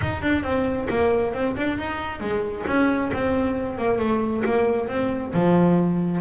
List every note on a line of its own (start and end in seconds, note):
0.01 0.22 D#4
0.22 0.43 D4
0.43 0.87 C4
0.89 1.33 A#3
1.33 1.56 C4
1.56 1.78 D4
1.78 2.20 D#4
2.20 2.64 G#3
2.66 3.11 C#4
3.13 3.78 C4
3.78 3.99 A#3
3.99 4.43 A3
4.45 4.87 A#3
4.87 5.32 C4
5.33 6.20 F3